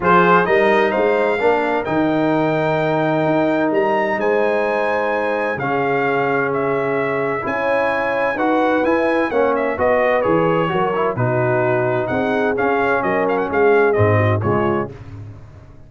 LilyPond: <<
  \new Staff \with { instrumentName = "trumpet" } { \time 4/4 \tempo 4 = 129 c''4 dis''4 f''2 | g''1 | ais''4 gis''2. | f''2 e''2 |
gis''2 fis''4 gis''4 | fis''8 e''8 dis''4 cis''2 | b'2 fis''4 f''4 | dis''8 f''16 fis''16 f''4 dis''4 cis''4 | }
  \new Staff \with { instrumentName = "horn" } { \time 4/4 gis'4 ais'4 c''4 ais'4~ | ais'1~ | ais'4 c''2. | gis'1 |
cis''2 b'2 | cis''4 b'2 ais'4 | fis'2 gis'2 | ais'4 gis'4. fis'8 f'4 | }
  \new Staff \with { instrumentName = "trombone" } { \time 4/4 f'4 dis'2 d'4 | dis'1~ | dis'1 | cis'1 |
e'2 fis'4 e'4 | cis'4 fis'4 gis'4 fis'8 e'8 | dis'2. cis'4~ | cis'2 c'4 gis4 | }
  \new Staff \with { instrumentName = "tuba" } { \time 4/4 f4 g4 gis4 ais4 | dis2. dis'4 | g4 gis2. | cis1 |
cis'2 dis'4 e'4 | ais4 b4 e4 fis4 | b,2 c'4 cis'4 | fis4 gis4 gis,4 cis4 | }
>>